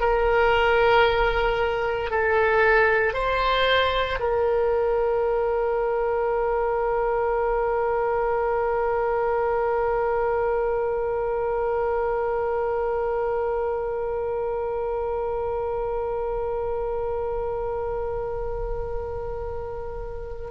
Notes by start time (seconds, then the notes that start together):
0.00 A#4
2.11 A4
3.13 C5
4.20 A#4